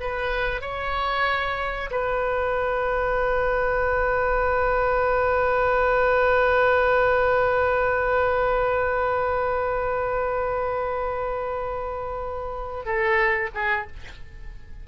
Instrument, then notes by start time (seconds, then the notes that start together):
oboe
0.00 B4
0.62 C#5
1.91 B4
12.85 A4
13.55 G#4